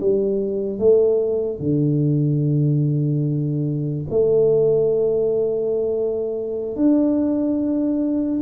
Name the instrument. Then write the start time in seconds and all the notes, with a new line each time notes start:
tuba
0.00 G3
0.79 A3
1.59 D3
4.10 A3
6.76 D4